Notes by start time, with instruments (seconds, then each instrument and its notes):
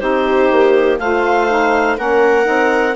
0.00 bassoon C4, saxophone D#4, viola G4, clarinet C5
0.52 bassoon A#3
0.99 bassoon A3, saxophone F4, viola C5, clarinet F5
1.50 saxophone D#4
1.98 bassoon A#3, saxophone C#4, viola A#4, clarinet F#5
2.44 bassoon C4, saxophone D#4